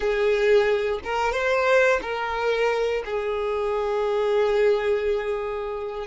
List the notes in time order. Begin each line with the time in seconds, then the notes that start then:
0.00 G#4
1.04 A#4
1.32 C5
2.02 A#4
3.05 G#4